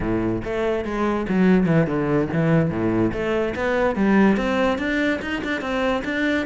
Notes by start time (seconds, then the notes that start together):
0.00 A2
0.44 A3
0.84 G#3
1.28 F#3
1.66 E3
1.87 D3
2.32 E3
2.70 A2
3.12 A3
3.55 B3
3.95 G3
4.36 C4
4.78 D4
5.21 D#4
5.43 D4
5.61 C4
6.04 D4